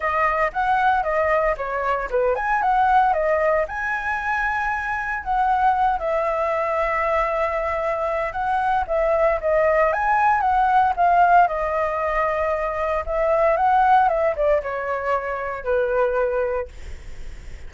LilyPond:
\new Staff \with { instrumentName = "flute" } { \time 4/4 \tempo 4 = 115 dis''4 fis''4 dis''4 cis''4 | b'8 gis''8 fis''4 dis''4 gis''4~ | gis''2 fis''4. e''8~ | e''1 |
fis''4 e''4 dis''4 gis''4 | fis''4 f''4 dis''2~ | dis''4 e''4 fis''4 e''8 d''8 | cis''2 b'2 | }